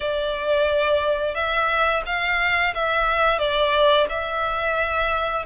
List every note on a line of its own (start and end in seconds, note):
0.00 1.34 D5
1.34 2.02 E5
2.05 2.74 F5
2.74 3.38 E5
3.38 4.07 D5
4.09 5.45 E5